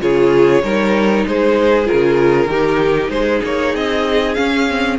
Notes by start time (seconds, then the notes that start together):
0.00 C#3 F4 G#4 C#5
0.62 G3 D#4 A#4
1.26 G#3 G#4 C5
1.85 F4 A#4
1.93 C#3
2.47 D#3 D#4 G4
3.10 G#3 G#4 C5
3.44 A#3 C#5
3.74 C4 D#5
4.34 C#4 F5
4.69 C4